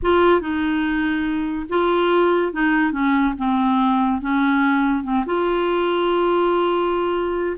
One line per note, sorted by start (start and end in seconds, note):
0.02 0.40 F4
0.40 1.66 D#4
1.69 2.53 F4
2.53 2.92 D#4
2.92 3.34 C#4
3.38 4.21 C4
4.21 5.03 C#4
5.03 5.24 C4
5.26 7.57 F4